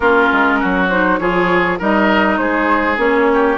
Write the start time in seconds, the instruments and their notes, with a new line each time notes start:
0.00 bassoon A#3, clarinet C#4, oboe F4, flute A#4
0.32 bassoon G#3
0.59 bassoon F#3, oboe F#4
0.89 clarinet D#4, flute C5
1.18 bassoon F3, clarinet F4, oboe G#4, flute C#5
1.78 bassoon G3, clarinet D#4, oboe A#4, flute D#5
2.37 bassoon G#3, oboe G#4, flute C5
2.97 bassoon A#3, clarinet C#4, flute C#5
3.33 oboe G4